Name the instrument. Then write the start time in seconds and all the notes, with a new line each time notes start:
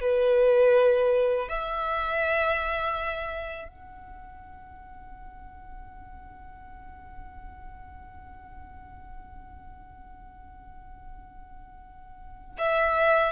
violin
0.00 B4
1.48 E5
3.68 F#5
12.58 E5